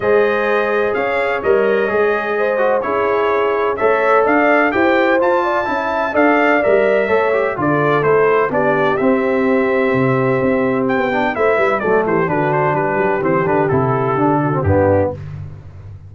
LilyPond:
<<
  \new Staff \with { instrumentName = "trumpet" } { \time 4/4 \tempo 4 = 127 dis''2 f''4 dis''4~ | dis''2 cis''2 | e''4 f''4 g''4 a''4~ | a''4 f''4 e''2 |
d''4 c''4 d''4 e''4~ | e''2. g''4 | e''4 d''8 c''8 b'8 c''8 b'4 | c''8 b'8 a'2 g'4 | }
  \new Staff \with { instrumentName = "horn" } { \time 4/4 c''2 cis''2~ | cis''4 c''4 gis'2 | cis''4 d''4 c''4. d''8 | e''4 d''2 cis''4 |
a'2 g'2~ | g'1 | c''8 b'8 a'8 g'8 fis'4 g'4~ | g'2~ g'8 fis'8 d'4 | }
  \new Staff \with { instrumentName = "trombone" } { \time 4/4 gis'2. ais'4 | gis'4. fis'8 e'2 | a'2 g'4 f'4 | e'4 a'4 ais'4 a'8 g'8 |
f'4 e'4 d'4 c'4~ | c'2.~ c'8 d'8 | e'4 a4 d'2 | c'8 d'8 e'4 d'8. c'16 b4 | }
  \new Staff \with { instrumentName = "tuba" } { \time 4/4 gis2 cis'4 g4 | gis2 cis'2 | a4 d'4 e'4 f'4 | cis'4 d'4 g4 a4 |
d4 a4 b4 c'4~ | c'4 c4 c'4~ c'16 b8. | a8 g8 fis8 e8 d4 g8 fis8 | e8 d8 c4 d4 g,4 | }
>>